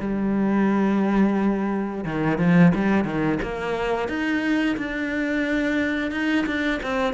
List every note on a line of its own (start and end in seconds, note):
0.00 2.05 G3
2.05 2.38 D#3
2.38 2.72 F3
2.75 3.05 G3
3.05 3.39 D#3
3.43 4.08 A#3
4.08 4.77 D#4
4.77 6.12 D4
6.12 6.46 D#4
6.46 6.81 D4
6.83 7.14 C4